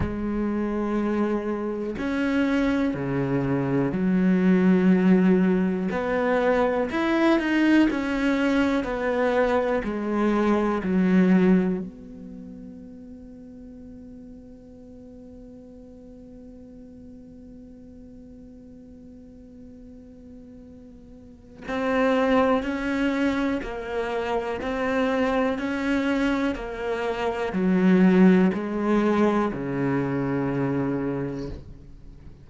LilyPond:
\new Staff \with { instrumentName = "cello" } { \time 4/4 \tempo 4 = 61 gis2 cis'4 cis4 | fis2 b4 e'8 dis'8 | cis'4 b4 gis4 fis4 | b1~ |
b1~ | b2 c'4 cis'4 | ais4 c'4 cis'4 ais4 | fis4 gis4 cis2 | }